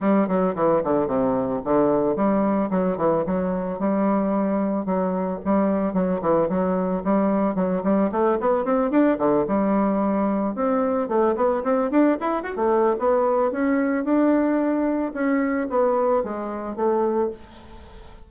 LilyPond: \new Staff \with { instrumentName = "bassoon" } { \time 4/4 \tempo 4 = 111 g8 fis8 e8 d8 c4 d4 | g4 fis8 e8 fis4 g4~ | g4 fis4 g4 fis8 e8 | fis4 g4 fis8 g8 a8 b8 |
c'8 d'8 d8 g2 c'8~ | c'8 a8 b8 c'8 d'8 e'8 fis'16 a8. | b4 cis'4 d'2 | cis'4 b4 gis4 a4 | }